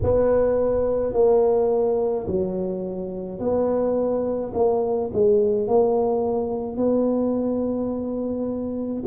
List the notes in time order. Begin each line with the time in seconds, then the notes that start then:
0.03 B3
1.13 A#3
2.27 F#3
3.39 B3
4.54 A#3
5.13 G#3
5.67 A#3
6.76 B3